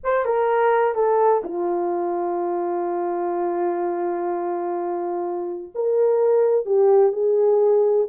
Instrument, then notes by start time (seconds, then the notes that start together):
horn
0.03 C5
0.25 A#4
0.94 A4
1.44 F4
5.74 A#4
6.65 G4
7.12 G#4